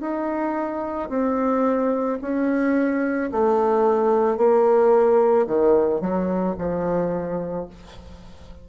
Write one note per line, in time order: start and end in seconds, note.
0.00 1.09 D#4
1.09 2.18 C4
2.21 3.30 C#4
3.31 4.37 A3
4.37 5.46 A#3
5.46 6.00 D#3
6.00 6.55 F#3
6.58 7.67 F3